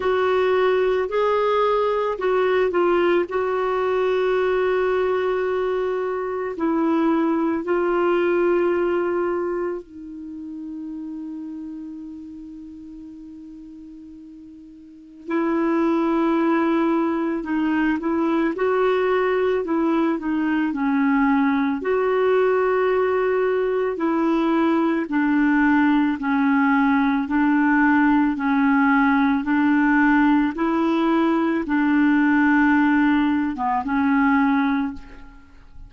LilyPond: \new Staff \with { instrumentName = "clarinet" } { \time 4/4 \tempo 4 = 55 fis'4 gis'4 fis'8 f'8 fis'4~ | fis'2 e'4 f'4~ | f'4 dis'2.~ | dis'2 e'2 |
dis'8 e'8 fis'4 e'8 dis'8 cis'4 | fis'2 e'4 d'4 | cis'4 d'4 cis'4 d'4 | e'4 d'4.~ d'16 b16 cis'4 | }